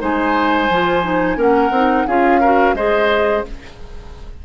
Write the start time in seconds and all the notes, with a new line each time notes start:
0.00 G#3 D#4 C5 G#5
0.70 F3 F4
1.03 D#4
1.37 A#3 C#4 A#4 F#5
1.71 C4 D#4
2.08 C#4 F4 G#4 F5
2.41 F#4 A#4
2.74 G#3 G#4 C5 D#5